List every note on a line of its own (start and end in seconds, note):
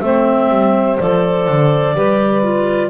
0.00 0.49 A3
0.00 0.99 C4
0.00 1.96 C5
0.00 0.97 E5
0.49 0.97 G3
0.97 1.48 F3
0.97 1.96 A4
0.97 2.89 D5
1.48 1.95 D3
1.95 2.89 G3
1.95 2.42 G4
1.95 2.89 B4
2.42 2.89 F4